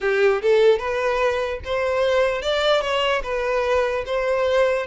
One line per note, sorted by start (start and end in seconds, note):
0.00 0.41 G4
0.42 0.78 A4
0.78 1.59 B4
1.64 2.42 C5
2.42 2.81 D5
2.81 3.21 C#5
3.23 4.04 B4
4.06 4.86 C5